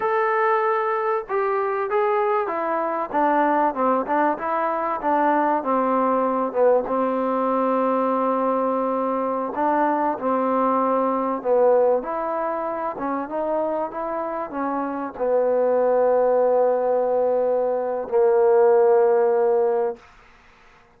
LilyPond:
\new Staff \with { instrumentName = "trombone" } { \time 4/4 \tempo 4 = 96 a'2 g'4 gis'4 | e'4 d'4 c'8 d'8 e'4 | d'4 c'4. b8 c'4~ | c'2.~ c'16 d'8.~ |
d'16 c'2 b4 e'8.~ | e'8. cis'8 dis'4 e'4 cis'8.~ | cis'16 b2.~ b8.~ | b4 ais2. | }